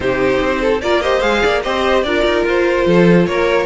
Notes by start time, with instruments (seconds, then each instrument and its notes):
0.00 cello C3, viola D#4, violin G4 C5
0.41 cello C4
0.61 violin A4
0.81 cello A#3, viola F4, violin A#4 D5
1.01 viola G4, violin C5 D#5
1.20 cello G#3, viola G#4, violin F5
1.42 cello A#3, violin D5
1.62 cello C4, viola G4, violin C5 D#5
2.02 cello D4, viola F4, violin A#4 D5
2.24 cello D#4
2.44 cello F4, violin C5
2.86 cello F3, violin A4
3.26 cello A#3, violin A#4 C#5